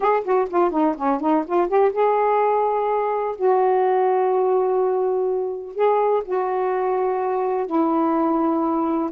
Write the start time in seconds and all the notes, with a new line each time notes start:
0.00 G#4
0.24 F#4
0.49 F4
0.71 D#4
0.96 C#4
1.20 D#4
1.46 F4
1.68 G4
1.92 G#4
3.35 F#4
5.74 G#4
6.24 F#4
7.66 E4